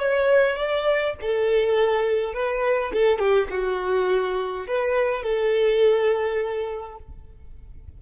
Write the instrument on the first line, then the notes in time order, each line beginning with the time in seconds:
violin
0.00 C#5
0.57 D5
1.22 A4
2.34 B4
2.94 A4
3.19 G4
3.51 F#4
4.68 B4
5.23 A4